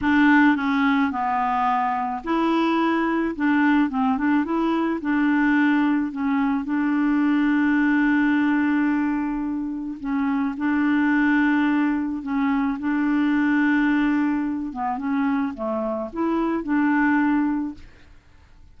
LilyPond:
\new Staff \with { instrumentName = "clarinet" } { \time 4/4 \tempo 4 = 108 d'4 cis'4 b2 | e'2 d'4 c'8 d'8 | e'4 d'2 cis'4 | d'1~ |
d'2 cis'4 d'4~ | d'2 cis'4 d'4~ | d'2~ d'8 b8 cis'4 | a4 e'4 d'2 | }